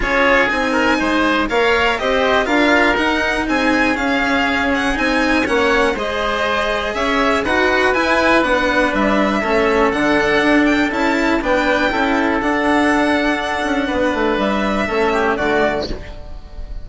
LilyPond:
<<
  \new Staff \with { instrumentName = "violin" } { \time 4/4 \tempo 4 = 121 cis''4 gis''2 f''4 | dis''4 f''4 fis''4 gis''4 | f''4. fis''8 gis''4 fis''4 | dis''2 e''4 fis''4 |
gis''4 fis''4 e''2 | fis''4. g''8 a''4 g''4~ | g''4 fis''2.~ | fis''4 e''2 d''4 | }
  \new Staff \with { instrumentName = "oboe" } { \time 4/4 gis'4. ais'8 c''4 cis''4 | c''4 ais'2 gis'4~ | gis'2. cis''4 | c''2 cis''4 b'4~ |
b'2. a'4~ | a'2. b'4 | a'1 | b'2 a'8 g'8 fis'4 | }
  \new Staff \with { instrumentName = "cello" } { \time 4/4 f'4 dis'2 ais'4 | g'4 f'4 dis'2 | cis'2 dis'4 cis'4 | gis'2. fis'4 |
e'4 d'2 cis'4 | d'2 e'4 d'4 | e'4 d'2.~ | d'2 cis'4 a4 | }
  \new Staff \with { instrumentName = "bassoon" } { \time 4/4 cis'4 c'4 gis4 ais4 | c'4 d'4 dis'4 c'4 | cis'2 c'4 ais4 | gis2 cis'4 dis'4 |
e'4 b4 g4 a4 | d4 d'4 cis'4 b4 | cis'4 d'2~ d'8 cis'8 | b8 a8 g4 a4 d4 | }
>>